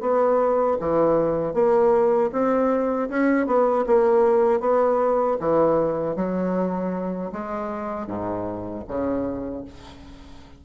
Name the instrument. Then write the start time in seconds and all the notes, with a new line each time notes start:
bassoon
0.00 B3
0.80 E3
1.53 A#3
2.32 C4
3.09 C#4
3.46 B3
3.86 A#3
4.60 B3
5.40 E3
6.16 F#3
7.32 G#3
8.07 G#2
8.87 C#3